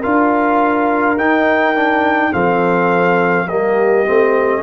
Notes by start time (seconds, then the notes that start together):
0.00 D4 F4 A#4 F5
1.16 D#4 G5
1.75 D4
2.31 F3 C4 A4 F5
3.46 G3 A#3 G4 D#5
4.06 A3 C4